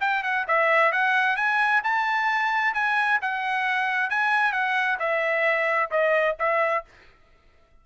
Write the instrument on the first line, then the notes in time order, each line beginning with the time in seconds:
trumpet
0.00 G5
0.23 F#5
0.47 E5
0.92 F#5
1.36 G#5
1.83 A5
2.74 G#5
3.21 F#5
4.10 G#5
4.52 F#5
4.99 E5
5.90 D#5
6.39 E5